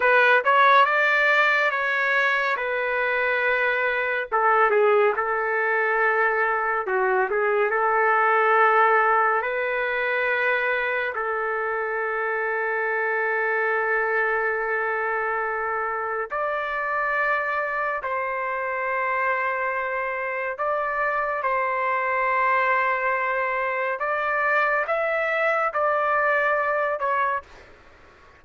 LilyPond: \new Staff \with { instrumentName = "trumpet" } { \time 4/4 \tempo 4 = 70 b'8 cis''8 d''4 cis''4 b'4~ | b'4 a'8 gis'8 a'2 | fis'8 gis'8 a'2 b'4~ | b'4 a'2.~ |
a'2. d''4~ | d''4 c''2. | d''4 c''2. | d''4 e''4 d''4. cis''8 | }